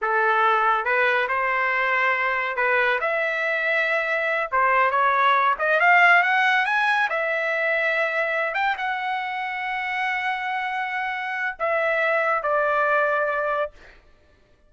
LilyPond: \new Staff \with { instrumentName = "trumpet" } { \time 4/4 \tempo 4 = 140 a'2 b'4 c''4~ | c''2 b'4 e''4~ | e''2~ e''8 c''4 cis''8~ | cis''4 dis''8 f''4 fis''4 gis''8~ |
gis''8 e''2.~ e''8 | g''8 fis''2.~ fis''8~ | fis''2. e''4~ | e''4 d''2. | }